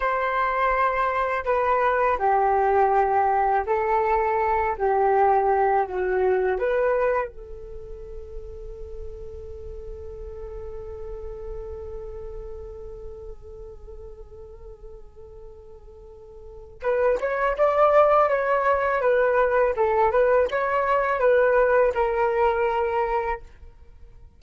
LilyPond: \new Staff \with { instrumentName = "flute" } { \time 4/4 \tempo 4 = 82 c''2 b'4 g'4~ | g'4 a'4. g'4. | fis'4 b'4 a'2~ | a'1~ |
a'1~ | a'2. b'8 cis''8 | d''4 cis''4 b'4 a'8 b'8 | cis''4 b'4 ais'2 | }